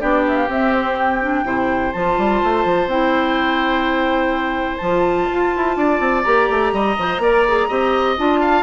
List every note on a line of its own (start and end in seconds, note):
0.00 0.49 B3
0.00 0.48 D4
0.00 1.45 G4
0.00 0.24 D5
0.28 0.37 E5
0.37 0.49 F5
0.49 1.44 C4
0.49 1.22 C4
0.49 0.73 E5
0.73 0.97 C5
0.99 1.93 G5
1.22 1.45 D4
1.44 1.92 C3
1.44 1.93 E4
1.44 5.78 C5
1.93 2.18 F3
1.93 2.90 F4
1.93 2.89 A5
2.18 2.42 G3
2.44 2.65 A3
2.65 2.87 F3
2.87 4.79 C4
2.87 4.82 E4
2.87 4.77 G5
4.77 5.29 F3
4.77 6.25 F4
4.77 6.21 A5
5.31 5.55 F4
5.56 5.77 E4
5.77 6.00 D4
5.77 6.74 D5
6.00 6.24 C4
6.23 6.50 A#3
6.23 6.97 G4
6.23 8.15 A#5
6.50 6.73 A3
6.73 6.97 G3
6.73 7.22 D#5
6.99 7.19 F3
6.99 7.23 C5
7.19 7.67 A#3
7.19 7.47 A#4
7.19 7.69 D5
7.48 7.70 G#4
7.69 8.19 C4
7.69 8.18 G4
7.69 8.40 D#5
8.18 8.63 D4
8.18 8.63 F4
8.18 8.63 A5
8.41 8.63 F5